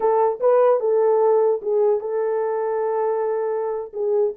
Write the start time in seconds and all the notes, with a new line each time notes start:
0.00 A4
0.40 B4
0.80 A4
1.61 G#4
2.00 A4
3.93 G#4